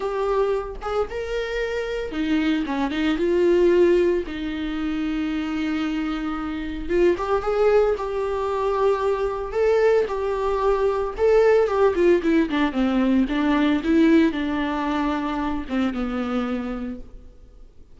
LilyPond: \new Staff \with { instrumentName = "viola" } { \time 4/4 \tempo 4 = 113 g'4. gis'8 ais'2 | dis'4 cis'8 dis'8 f'2 | dis'1~ | dis'4 f'8 g'8 gis'4 g'4~ |
g'2 a'4 g'4~ | g'4 a'4 g'8 f'8 e'8 d'8 | c'4 d'4 e'4 d'4~ | d'4. c'8 b2 | }